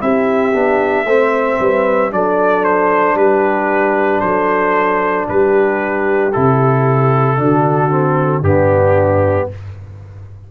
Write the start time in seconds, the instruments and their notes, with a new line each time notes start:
0.00 tuba C4, trombone E4, horn G4, trumpet E5
0.53 tuba B3, trombone D4
1.06 tuba A3, trombone C4, horn C5
1.60 tuba G3, horn B4
2.11 tuba F#3, trombone D4, horn A4, trumpet D5
2.65 trumpet C5
3.15 tuba G3, horn G4, trumpet B4
4.21 tuba F#3, horn A4, trumpet C5
5.29 tuba G3, horn G4, trumpet B4
6.33 tuba C3, trombone E4, trumpet A4
7.38 tuba D3, trombone D4, horn F#4
7.91 trombone C4
8.42 tuba G2, trombone B3, horn D4, trumpet G4